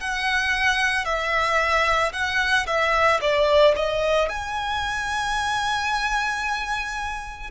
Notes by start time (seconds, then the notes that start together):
0.00 F#5
1.05 E5
2.12 F#5
2.67 E5
3.21 D5
3.76 D#5
4.29 G#5